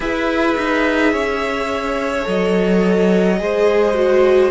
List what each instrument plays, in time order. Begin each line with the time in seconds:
0.00 cello E4, viola G#4, violin B4 E5
0.57 cello D#4
1.12 cello C#4, violin C#5
2.23 cello F#3, viola A4, violin D#5
3.38 cello G#3, viola G#4, violin C5
3.94 viola F#4